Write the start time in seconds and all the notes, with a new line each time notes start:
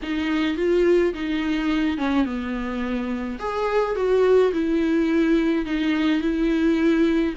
0.02 D#4
0.57 F4
1.14 D#4
1.97 C#4
2.25 B3
3.39 G#4
3.95 F#4
4.53 E4
5.65 D#4
6.21 E4